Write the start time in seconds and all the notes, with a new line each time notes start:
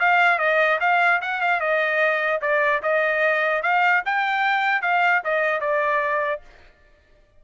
0.00 F5
0.39 D#5
0.80 F5
1.22 F#5
1.41 F5
1.60 D#5
2.42 D5
2.83 D#5
3.63 F5
4.06 G5
4.82 F5
5.24 D#5
5.61 D5